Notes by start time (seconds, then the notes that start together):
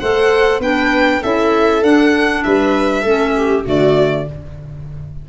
0.00 A3 A4 C5 F#5
0.60 B3 D4 B4 G5
1.22 C#4 E4 A4 E5
1.83 D4 F#5
2.43 G3 B4 E5
3.03 A3 C#4 A4
3.37 G4
3.65 D3 A3 F#4 D5